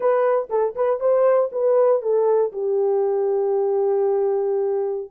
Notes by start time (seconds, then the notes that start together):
0.00 B4
0.49 A4
0.75 B4
1.00 C5
1.52 B4
2.02 A4
2.52 G4